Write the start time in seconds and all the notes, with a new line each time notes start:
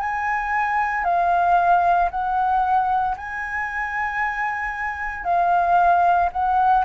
0.00 G#5
1.04 F5
2.11 F#5
3.17 G#5
5.24 F5
6.32 F#5